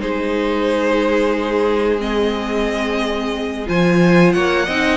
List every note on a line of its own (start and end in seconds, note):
0.00 3.67 G#3
0.00 1.98 D#4
0.00 3.68 G#4
0.00 2.01 C5
1.98 3.65 C4
1.98 3.68 D#5
3.66 4.35 F3
3.66 4.66 F4
3.66 4.34 C5
3.66 4.33 G#5
4.33 4.67 A#3
4.33 4.65 C#5
4.33 4.97 F#5
4.65 4.97 C4
4.65 4.97 D#4
4.65 4.97 D#5